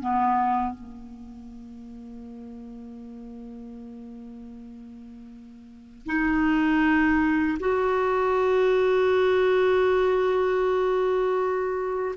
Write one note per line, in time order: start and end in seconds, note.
0.00 0.74 B3
0.74 6.06 A#3
6.06 7.58 D#4
7.59 12.15 F#4